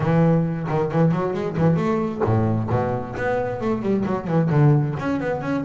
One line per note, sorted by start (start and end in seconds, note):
0.00 0.67 E3
0.68 0.91 D#3
0.91 1.11 E3
1.11 1.33 F#3
1.33 1.56 G#3
1.57 1.76 E3
1.76 2.21 A3
2.24 2.69 A2
2.69 3.15 B2
3.16 3.60 B3
3.60 3.81 A3
3.81 4.04 G3
4.05 4.27 F#3
4.27 4.49 E3
4.49 4.95 D3
4.99 5.20 C#4
5.20 5.41 B3
5.41 5.64 C#4